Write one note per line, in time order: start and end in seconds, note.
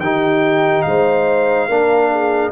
0.00 0.85 D#3
0.00 1.70 D#4
0.00 0.87 G4
0.00 0.82 G5
0.82 1.69 G#3
0.82 1.68 C5
0.82 2.51 F5
1.68 2.52 A#3
1.68 2.52 D4
1.68 2.11 A#4
2.11 2.52 G#4